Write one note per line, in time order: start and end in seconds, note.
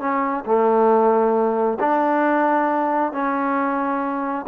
0.00 0.44 C#4
0.45 1.78 A3
1.79 3.12 D4
3.12 4.45 C#4